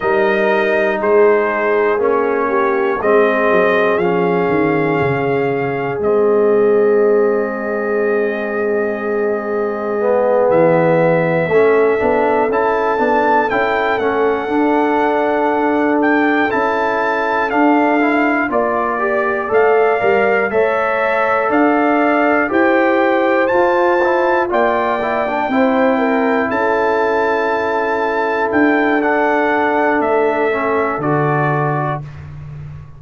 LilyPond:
<<
  \new Staff \with { instrumentName = "trumpet" } { \time 4/4 \tempo 4 = 60 dis''4 c''4 cis''4 dis''4 | f''2 dis''2~ | dis''2~ dis''8 e''4.~ | e''8 a''4 g''8 fis''2 |
g''8 a''4 f''4 d''4 f''8~ | f''8 e''4 f''4 g''4 a''8~ | a''8 g''2 a''4.~ | a''8 g''8 fis''4 e''4 d''4 | }
  \new Staff \with { instrumentName = "horn" } { \time 4/4 ais'4 gis'4. g'8 gis'4~ | gis'1~ | gis'2.~ gis'8 a'8~ | a'1~ |
a'2~ a'8 d''4.~ | d''8 cis''4 d''4 c''4.~ | c''8 d''4 c''8 ais'8 a'4.~ | a'1 | }
  \new Staff \with { instrumentName = "trombone" } { \time 4/4 dis'2 cis'4 c'4 | cis'2 c'2~ | c'2 b4. cis'8 | d'8 e'8 d'8 e'8 cis'8 d'4.~ |
d'8 e'4 d'8 e'8 f'8 g'8 a'8 | ais'8 a'2 g'4 f'8 | e'8 f'8 e'16 d'16 e'2~ e'8~ | e'4 d'4. cis'8 fis'4 | }
  \new Staff \with { instrumentName = "tuba" } { \time 4/4 g4 gis4 ais4 gis8 fis8 | f8 dis8 cis4 gis2~ | gis2~ gis8 e4 a8 | b8 cis'8 b8 cis'8 a8 d'4.~ |
d'8 cis'4 d'4 ais4 a8 | g8 a4 d'4 e'4 f'8~ | f'8 ais4 c'4 cis'4.~ | cis'8 d'4. a4 d4 | }
>>